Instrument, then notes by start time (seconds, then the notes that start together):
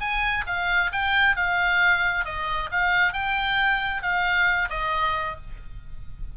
oboe
0.00 G#5
0.46 F5
0.92 G5
1.36 F5
2.25 D#5
2.71 F5
3.13 G5
4.02 F5
4.69 D#5